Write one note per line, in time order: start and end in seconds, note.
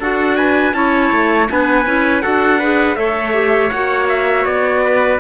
0.00 0.74 D4
0.00 0.73 F#4
0.00 0.37 A4
0.00 0.37 F#5
0.37 0.75 B4
0.37 0.74 G#5
0.73 1.11 C#4
0.73 1.47 E4
0.73 1.50 C#5
0.73 1.48 A5
1.12 1.49 A3
1.48 1.86 B3
1.48 1.85 D4
1.48 2.23 B4
1.48 2.22 G#5
1.86 2.23 C#4
1.86 2.22 E4
2.22 2.97 D4
2.22 2.59 F#4
2.22 2.59 A4
2.22 2.96 F#5
2.59 2.96 G#4
2.59 2.96 B4
2.96 3.71 A3
2.96 3.33 A4
2.96 4.84 C#5
2.96 3.70 E5
3.34 3.71 G4
3.70 4.46 A#3
3.70 5.20 F#4
3.70 4.07 F#5
4.09 4.46 E5
4.46 5.20 B3
4.46 5.20 D5
4.84 5.20 B4